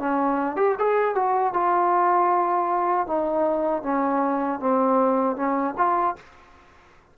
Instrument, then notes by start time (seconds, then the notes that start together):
trombone
0.00 C#4
0.57 G4
0.79 G#4
1.15 F#4
1.54 F4
3.07 D#4
3.83 C#4
4.60 C4
5.37 C#4
5.78 F4